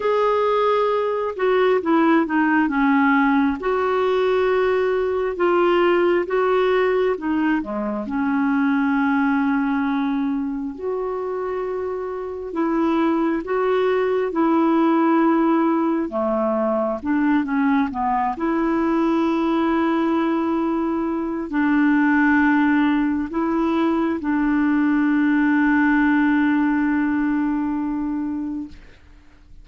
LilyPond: \new Staff \with { instrumentName = "clarinet" } { \time 4/4 \tempo 4 = 67 gis'4. fis'8 e'8 dis'8 cis'4 | fis'2 f'4 fis'4 | dis'8 gis8 cis'2. | fis'2 e'4 fis'4 |
e'2 a4 d'8 cis'8 | b8 e'2.~ e'8 | d'2 e'4 d'4~ | d'1 | }